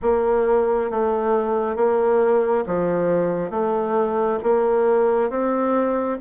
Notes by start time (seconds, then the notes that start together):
0.02 A#3
0.90 A3
1.76 A#3
2.66 F3
3.50 A3
4.43 A#3
5.29 C4